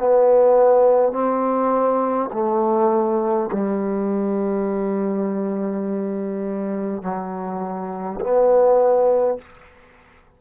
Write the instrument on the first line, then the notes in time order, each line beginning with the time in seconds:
trombone
0.00 B3
1.12 C4
2.33 A3
3.53 G3
7.03 F#3
8.21 B3